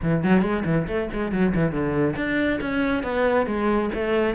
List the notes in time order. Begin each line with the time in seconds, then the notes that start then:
0.02 E3
0.23 F#3
0.42 G#3
0.65 E3
0.87 A3
1.12 G#3
1.32 F#3
1.54 E3
1.71 D3
2.16 D4
2.60 C#4
3.03 B3
3.46 G#3
3.94 A3